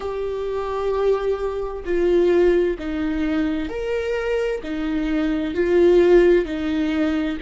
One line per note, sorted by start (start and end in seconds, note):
0.00 1.84 G4
1.85 2.77 F4
2.79 3.69 D#4
3.69 4.61 A#4
4.63 5.54 D#4
5.54 6.45 F4
6.45 7.37 D#4